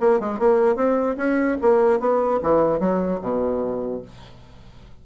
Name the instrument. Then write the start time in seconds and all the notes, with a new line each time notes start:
bassoon
0.00 A#3
0.19 G#3
0.39 A#3
0.76 C4
1.17 C#4
1.61 A#3
2.00 B3
2.42 E3
2.80 F#3
3.21 B2